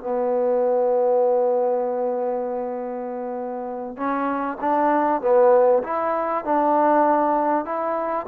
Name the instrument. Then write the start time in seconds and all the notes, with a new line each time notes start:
trombone
0.00 B3
3.97 C#4
4.60 D4
5.21 B3
5.83 E4
6.44 D4
7.65 E4